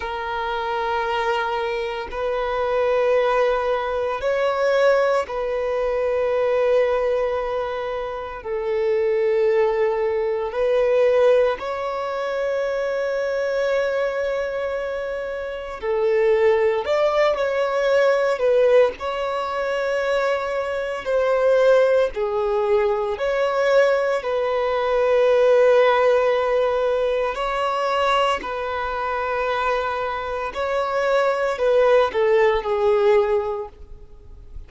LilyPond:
\new Staff \with { instrumentName = "violin" } { \time 4/4 \tempo 4 = 57 ais'2 b'2 | cis''4 b'2. | a'2 b'4 cis''4~ | cis''2. a'4 |
d''8 cis''4 b'8 cis''2 | c''4 gis'4 cis''4 b'4~ | b'2 cis''4 b'4~ | b'4 cis''4 b'8 a'8 gis'4 | }